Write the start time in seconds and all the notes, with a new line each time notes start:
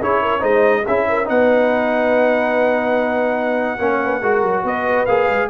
0.00 C#4 E4 G#4 C#5
0.22 A#4
0.39 G#3 D#4 C5 D#5
0.85 C#4 E4 G#4 E5
1.09 A#4
1.25 B3 D#4 B4 F#5
3.79 A#3 C#4 C#5
4.04 B4
4.21 G#3 F#4 A#4
4.43 F#3
4.63 B3 B4 D#5
5.06 A#3 G#4 F5
5.28 G#3